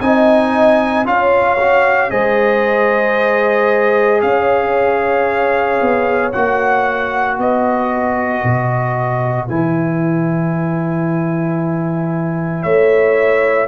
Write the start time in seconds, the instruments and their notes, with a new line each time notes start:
0.00 tuba C4, trombone D#4, horn D#5, trumpet G#5
1.05 tuba C#4, trombone F4, horn C#5, trumpet F5
1.59 trombone F#4
2.10 tuba G#3, trombone G#4, horn C5, trumpet D#5
4.21 tuba C#4, horn C#5, trumpet F5
5.81 tuba B3
6.32 tuba A#3, trombone F#4, trumpet F#5
7.36 tuba B3, horn B4, trumpet D#5
8.43 tuba B2
9.48 tuba E3, trombone E4, trumpet G#5
12.62 tuba A3, horn C#5, trumpet E5